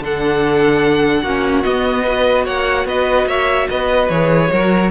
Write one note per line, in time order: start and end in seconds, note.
0.00 1.22 D3
0.00 1.26 D4
0.00 1.22 A4
0.00 1.63 F#5
1.22 1.64 A#3
1.22 1.64 C#4
1.22 2.04 F#4
1.63 2.05 B3
1.63 2.48 B3
1.63 2.44 D#5
2.04 4.10 F#4
2.04 2.44 B4
2.45 2.85 A#3
2.45 2.86 C#5
2.45 2.87 F#5
2.85 3.26 B3
2.85 3.27 B4
2.85 3.27 D#5
3.27 3.68 A#3
3.27 3.68 C#5
3.27 3.68 E5
3.70 4.09 B3
3.70 4.51 B4
3.70 4.09 D#5
4.09 4.50 E3
4.09 4.51 G#4
4.09 4.91 C#5
4.53 4.91 F#3
4.53 4.91 F#4
4.53 4.91 A#4